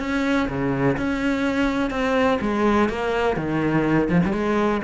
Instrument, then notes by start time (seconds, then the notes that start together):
cello
0.00 C#4
0.49 C#3
0.97 C#4
1.91 C4
2.42 G#3
2.90 A#3
3.37 D#3
4.10 F3
4.26 G3
4.33 G#3